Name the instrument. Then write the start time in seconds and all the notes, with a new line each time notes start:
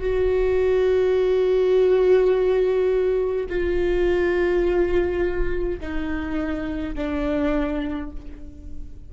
viola
0.00 F#4
3.49 F4
5.80 D#4
6.95 D4